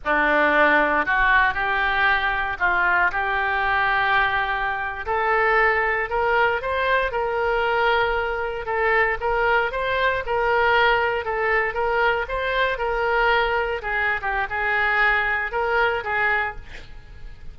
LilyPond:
\new Staff \with { instrumentName = "oboe" } { \time 4/4 \tempo 4 = 116 d'2 fis'4 g'4~ | g'4 f'4 g'2~ | g'4.~ g'16 a'2 ais'16~ | ais'8. c''4 ais'2~ ais'16~ |
ais'8. a'4 ais'4 c''4 ais'16~ | ais'4.~ ais'16 a'4 ais'4 c''16~ | c''8. ais'2 gis'8. g'8 | gis'2 ais'4 gis'4 | }